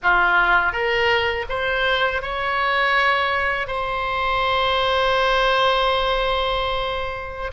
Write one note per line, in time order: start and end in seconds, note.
0.02 0.72 F4
0.72 1.45 A#4
1.49 2.22 C5
2.22 3.67 C#5
3.67 7.51 C5